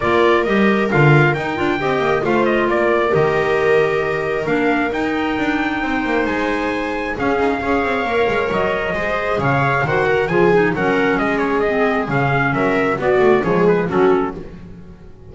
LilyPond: <<
  \new Staff \with { instrumentName = "trumpet" } { \time 4/4 \tempo 4 = 134 d''4 dis''4 f''4 g''4~ | g''4 f''8 dis''8 d''4 dis''4~ | dis''2 f''4 g''4~ | g''2 gis''2 |
f''2. dis''4~ | dis''4 f''4 fis''4 gis''4 | fis''4 dis''8 cis''8 dis''4 f''4 | e''4 d''4 cis''8 b'8 a'4 | }
  \new Staff \with { instrumentName = "viola" } { \time 4/4 ais'1 | dis''4 c''4 ais'2~ | ais'1~ | ais'4 c''2. |
gis'4 cis''2. | c''4 cis''4 c''8 ais'8 gis'4 | ais'4 gis'2. | ais'4 fis'4 gis'4 fis'4 | }
  \new Staff \with { instrumentName = "clarinet" } { \time 4/4 f'4 g'4 f'4 dis'8 f'8 | g'4 f'2 g'4~ | g'2 d'4 dis'4~ | dis'1 |
cis'4 gis'4 ais'2 | gis'2 fis'4 f'8 dis'8 | cis'2 c'4 cis'4~ | cis'4 b4 gis4 cis'4 | }
  \new Staff \with { instrumentName = "double bass" } { \time 4/4 ais4 g4 d4 dis'8 d'8 | c'8 ais8 a4 ais4 dis4~ | dis2 ais4 dis'4 | d'4 c'8 ais8 gis2 |
cis'8 dis'8 cis'8 c'8 ais8 gis8 fis4 | gis4 cis4 dis4 f4 | fis4 gis2 cis4 | fis4 b8 a8 f4 fis4 | }
>>